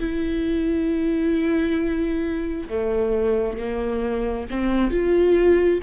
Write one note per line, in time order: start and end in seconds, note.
0.00 2.69 E4
2.69 3.58 A3
3.58 4.48 A#3
4.51 4.91 C4
4.91 5.81 F4